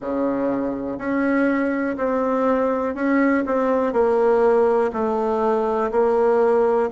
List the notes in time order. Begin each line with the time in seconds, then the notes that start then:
0.00 C#3
0.98 C#4
1.97 C4
2.94 C#4
3.46 C4
3.93 A#3
4.92 A3
5.91 A#3